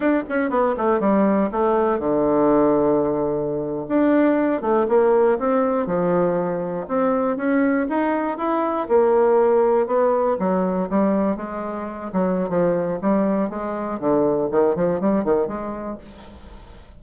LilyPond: \new Staff \with { instrumentName = "bassoon" } { \time 4/4 \tempo 4 = 120 d'8 cis'8 b8 a8 g4 a4 | d2.~ d8. d'16~ | d'4~ d'16 a8 ais4 c'4 f16~ | f4.~ f16 c'4 cis'4 dis'16~ |
dis'8. e'4 ais2 b16~ | b8. fis4 g4 gis4~ gis16~ | gis16 fis8. f4 g4 gis4 | d4 dis8 f8 g8 dis8 gis4 | }